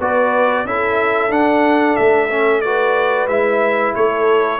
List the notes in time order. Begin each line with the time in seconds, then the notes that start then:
0.00 B3 F#4 B4 D5
0.64 C#4 E4 A4 E5
1.29 D4 F#5
1.96 A3 E5
2.30 C#4
2.61 F#4 B4 D5
3.27 G#3 E4 E5
3.95 A3 A4 C#5